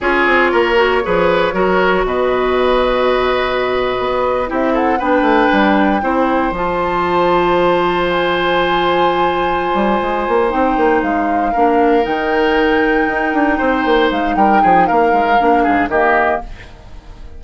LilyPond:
<<
  \new Staff \with { instrumentName = "flute" } { \time 4/4 \tempo 4 = 117 cis''1 | dis''1~ | dis''8. e''8 fis''8 g''2~ g''16~ | g''8. a''2. gis''16~ |
gis''1~ | gis''8 g''4 f''2 g''8~ | g''2.~ g''8 f''8 | g''4 f''2 dis''4 | }
  \new Staff \with { instrumentName = "oboe" } { \time 4/4 gis'4 ais'4 b'4 ais'4 | b'1~ | b'8. g'8 a'8 b'2 c''16~ | c''1~ |
c''1~ | c''2~ c''8 ais'4.~ | ais'2~ ais'8 c''4. | ais'8 gis'8 ais'4. gis'8 g'4 | }
  \new Staff \with { instrumentName = "clarinet" } { \time 4/4 f'4. fis'8 gis'4 fis'4~ | fis'1~ | fis'8. e'4 d'2 e'16~ | e'8. f'2.~ f'16~ |
f'1~ | f'8 dis'2 d'4 dis'8~ | dis'1~ | dis'2 d'4 ais4 | }
  \new Staff \with { instrumentName = "bassoon" } { \time 4/4 cis'8 c'8 ais4 f4 fis4 | b,2.~ b,8. b16~ | b8. c'4 b8 a8 g4 c'16~ | c'8. f2.~ f16~ |
f2. g8 gis8 | ais8 c'8 ais8 gis4 ais4 dis8~ | dis4. dis'8 d'8 c'8 ais8 gis8 | g8 f8 ais8 gis8 ais8 gis,8 dis4 | }
>>